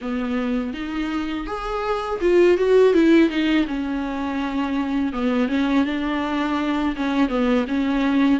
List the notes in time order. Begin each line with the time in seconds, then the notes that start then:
0.01 B3
0.73 D#4
1.46 G#4
2.21 F4
2.57 F#4
2.93 E4
3.29 D#4
3.67 C#4
5.12 B3
5.48 C#4
5.85 D4
6.95 C#4
7.28 B3
7.67 C#4